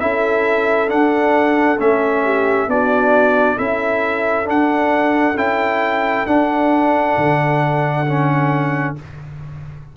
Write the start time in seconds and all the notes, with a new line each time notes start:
0.00 C#4 E4 A4 E5
0.88 D4 F#5
1.79 A3 C#4 E5
2.24 G4
2.67 B3 D4 F#4 D5
3.57 C#4 E4 A4 E5
4.44 D4 F#5
5.36 C#4 E4 G5
6.26 D4 F#5
7.18 D3
8.06 C#4